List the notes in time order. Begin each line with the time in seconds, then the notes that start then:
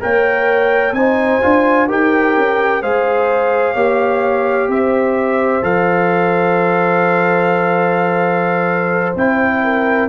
0.00 A#3 A#4 C#5 G5
0.92 C4 D#4 C5 G#5
1.41 D4 F4
1.88 D#4 G4 A#4 G5
2.37 C#4
2.82 G#3 G#4 C5 F5
3.74 A#3 G4 C#5
4.68 C4 C5 E5
5.62 F3 A4 F5
9.15 C4 E4 G5
9.63 A#4